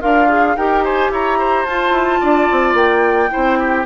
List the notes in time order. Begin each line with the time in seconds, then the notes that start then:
0.00 D4 F4 A#4 F5
0.28 G#4
0.56 D#4 G4 A#4 G5
0.83 C5 G#5
1.10 E4 C#5 A#5
1.38 C5
1.65 F4 A5
1.90 E4
2.20 D4 D5
2.51 C4
2.73 A#3 G5
3.29 E4 C5
3.35 C4
3.58 G4